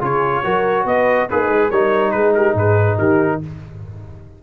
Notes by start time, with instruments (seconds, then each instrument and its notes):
0.00 tuba C#3, trombone F4, horn G#4, trumpet C#5
0.44 tuba F#3, trombone F#4, horn A#4
0.85 tuba B3, horn B4, trumpet D#5
1.30 tuba A#3, horn D#4, trombone G#4, trumpet B4
1.48 tuba G#3
1.70 tuba G3, trombone D#4, horn A#4, trumpet C#5
2.11 tuba G#3, horn G#4, trumpet B4
2.35 horn G4, trumpet A#4
2.54 tuba G#2, horn G#4, trumpet B4
2.98 tuba D#3, horn G4, trumpet A#4